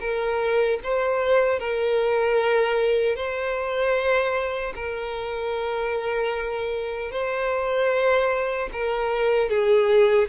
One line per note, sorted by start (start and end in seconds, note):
0.00 0.79 A#4
0.83 1.59 C5
1.59 3.15 A#4
3.15 4.73 C5
4.75 7.11 A#4
7.11 8.69 C5
8.72 9.49 A#4
9.49 10.28 G#4